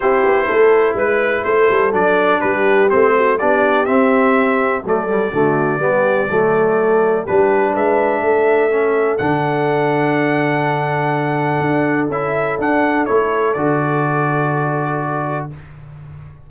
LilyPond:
<<
  \new Staff \with { instrumentName = "trumpet" } { \time 4/4 \tempo 4 = 124 c''2 b'4 c''4 | d''4 b'4 c''4 d''4 | e''2 d''2~ | d''2. b'4 |
e''2. fis''4~ | fis''1~ | fis''4 e''4 fis''4 cis''4 | d''1 | }
  \new Staff \with { instrumentName = "horn" } { \time 4/4 g'4 a'4 b'4 a'4~ | a'4 g'4. fis'8 g'4~ | g'2 a'4 fis'4 | g'4 a'2 g'4 |
b'4 a'2.~ | a'1~ | a'1~ | a'1 | }
  \new Staff \with { instrumentName = "trombone" } { \time 4/4 e'1 | d'2 c'4 d'4 | c'2 a8 g8 a4 | b4 a2 d'4~ |
d'2 cis'4 d'4~ | d'1~ | d'4 e'4 d'4 e'4 | fis'1 | }
  \new Staff \with { instrumentName = "tuba" } { \time 4/4 c'8 b8 a4 gis4 a8 g8 | fis4 g4 a4 b4 | c'2 fis4 d4 | g4 fis2 g4 |
gis4 a2 d4~ | d1 | d'4 cis'4 d'4 a4 | d1 | }
>>